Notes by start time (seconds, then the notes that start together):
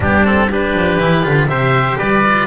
0.00 G3 B3 D4 G4
0.24 C4 A4
0.50 D4 G4 B4
0.73 F3
0.98 E3 E4
1.23 D3 F4
1.47 C3 G4 C5 E5
1.97 G3 B4 D5
2.24 F4